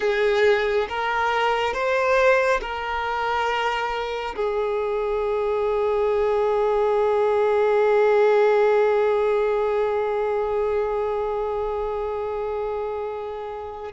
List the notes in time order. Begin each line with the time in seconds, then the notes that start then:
0.00 G#4
0.89 A#4
1.73 C5
2.61 A#4
4.35 G#4